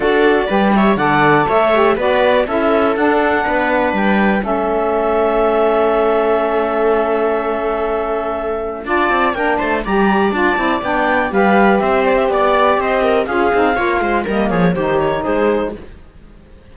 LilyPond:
<<
  \new Staff \with { instrumentName = "clarinet" } { \time 4/4 \tempo 4 = 122 d''4. e''8 fis''4 e''4 | d''4 e''4 fis''2 | g''4 e''2.~ | e''1~ |
e''2 a''4 g''8 a''8 | ais''4 a''4 g''4 f''4 | e''8 d''16 e''16 d''4 dis''4 f''4~ | f''4 dis''8 cis''8 c''8 cis''8 c''4 | }
  \new Staff \with { instrumentName = "viola" } { \time 4/4 a'4 b'8 cis''8 d''4 cis''4 | b'4 a'2 b'4~ | b'4 a'2.~ | a'1~ |
a'2 d''4 ais'8 c''8 | d''2. b'4 | c''4 d''4 c''8 ais'8 gis'4 | cis''8 c''8 ais'8 gis'8 g'4 gis'4 | }
  \new Staff \with { instrumentName = "saxophone" } { \time 4/4 fis'4 g'4 a'4. g'8 | fis'4 e'4 d'2~ | d'4 cis'2.~ | cis'1~ |
cis'2 f'4 d'4 | g'4 f'8 e'8 d'4 g'4~ | g'2. f'8 dis'8 | f'4 ais4 dis'2 | }
  \new Staff \with { instrumentName = "cello" } { \time 4/4 d'4 g4 d4 a4 | b4 cis'4 d'4 b4 | g4 a2.~ | a1~ |
a2 d'8 c'8 ais8 a8 | g4 d'8 c'8 b4 g4 | c'4 b4 c'4 cis'8 c'8 | ais8 gis8 g8 f8 dis4 gis4 | }
>>